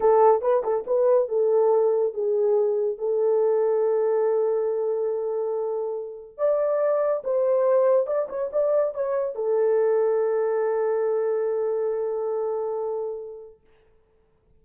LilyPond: \new Staff \with { instrumentName = "horn" } { \time 4/4 \tempo 4 = 141 a'4 b'8 a'8 b'4 a'4~ | a'4 gis'2 a'4~ | a'1~ | a'2. d''4~ |
d''4 c''2 d''8 cis''8 | d''4 cis''4 a'2~ | a'1~ | a'1 | }